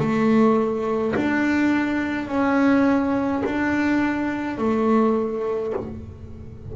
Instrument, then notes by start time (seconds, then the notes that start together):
double bass
0.00 A3
1.15 D4
2.28 C#4
3.45 D4
4.58 A3